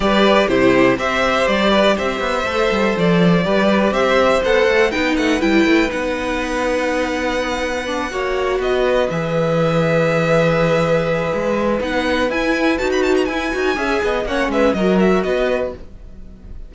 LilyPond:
<<
  \new Staff \with { instrumentName = "violin" } { \time 4/4 \tempo 4 = 122 d''4 c''4 e''4 d''4 | e''2 d''2 | e''4 fis''4 g''8 fis''8 g''4 | fis''1~ |
fis''4. dis''4 e''4.~ | e''1 | fis''4 gis''4 a''16 b''16 a''16 ais''16 gis''4~ | gis''4 fis''8 e''8 dis''8 e''8 dis''4 | }
  \new Staff \with { instrumentName = "violin" } { \time 4/4 b'4 g'4 c''4. b'8 | c''2. b'4 | c''2 b'2~ | b'1~ |
b'8 cis''4 b'2~ b'8~ | b'1~ | b'1 | e''8 dis''8 cis''8 b'8 ais'4 b'4 | }
  \new Staff \with { instrumentName = "viola" } { \time 4/4 g'4 e'4 g'2~ | g'4 a'2 g'4~ | g'4 a'4 dis'4 e'4 | dis'1 |
d'8 fis'2 gis'4.~ | gis'1 | dis'4 e'4 fis'4 e'8 fis'8 | gis'4 cis'4 fis'2 | }
  \new Staff \with { instrumentName = "cello" } { \time 4/4 g4 c4 c'4 g4 | c'8 b8 a8 g8 f4 g4 | c'4 b8 a8 b8 a8 g8 a8 | b1~ |
b8 ais4 b4 e4.~ | e2. gis4 | b4 e'4 dis'4 e'8 dis'8 | cis'8 b8 ais8 gis8 fis4 b4 | }
>>